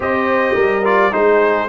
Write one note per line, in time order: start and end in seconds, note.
0.00 0.55 C4
0.00 0.83 G4
0.00 0.55 C5
0.00 0.85 D#5
0.55 1.12 G3
0.55 1.11 A#4
0.84 1.12 F4
0.84 1.13 D5
1.12 1.68 G#3
1.12 1.68 D#4
1.12 1.68 G#4
1.12 1.68 C5